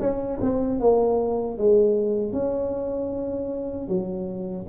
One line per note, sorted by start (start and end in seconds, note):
0.00 0.39 C#4
0.41 0.80 C4
0.80 1.57 A#3
1.57 2.32 G#3
2.32 3.88 C#4
3.88 4.66 F#3